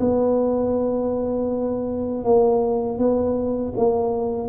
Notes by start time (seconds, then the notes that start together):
0.00 B3
2.24 A#3
2.99 B3
3.77 A#3